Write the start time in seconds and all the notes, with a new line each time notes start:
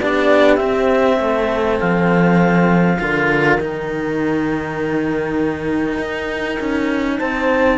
0.00 B3 D4 G4 D5
0.56 C4 E5
1.18 A3 A4
1.80 F3 F5
2.99 D3 F4 A#4
3.58 D#3 D#4 G5
5.99 D#4
6.60 C#4
7.18 C4 C5 A5